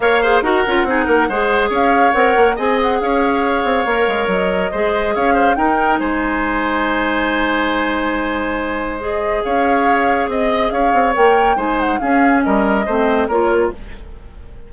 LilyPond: <<
  \new Staff \with { instrumentName = "flute" } { \time 4/4 \tempo 4 = 140 f''4 fis''2. | f''4 fis''4 gis''8 fis''8 f''4~ | f''2 dis''2 | f''4 g''4 gis''2~ |
gis''1~ | gis''4 dis''4 f''2 | dis''4 f''4 g''4 gis''8 fis''8 | f''4 dis''2 cis''4 | }
  \new Staff \with { instrumentName = "oboe" } { \time 4/4 cis''8 c''8 ais'4 gis'8 ais'8 c''4 | cis''2 dis''4 cis''4~ | cis''2. c''4 | cis''8 c''8 ais'4 c''2~ |
c''1~ | c''2 cis''2 | dis''4 cis''2 c''4 | gis'4 ais'4 c''4 ais'4 | }
  \new Staff \with { instrumentName = "clarinet" } { \time 4/4 ais'8 gis'8 fis'8 f'8 dis'4 gis'4~ | gis'4 ais'4 gis'2~ | gis'4 ais'2 gis'4~ | gis'4 dis'2.~ |
dis'1~ | dis'4 gis'2.~ | gis'2 ais'4 dis'4 | cis'2 c'4 f'4 | }
  \new Staff \with { instrumentName = "bassoon" } { \time 4/4 ais4 dis'8 cis'8 c'8 ais8 gis4 | cis'4 c'8 ais8 c'4 cis'4~ | cis'8 c'8 ais8 gis8 fis4 gis4 | cis'4 dis'4 gis2~ |
gis1~ | gis2 cis'2 | c'4 cis'8 c'8 ais4 gis4 | cis'4 g4 a4 ais4 | }
>>